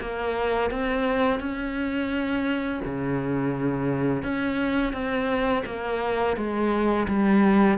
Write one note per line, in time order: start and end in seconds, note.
0.00 0.70 A#3
0.70 1.40 C4
1.40 2.81 C#4
2.85 4.23 C#3
4.23 4.93 C#4
4.93 5.63 C4
5.66 6.36 A#3
6.36 7.07 G#3
7.07 7.78 G3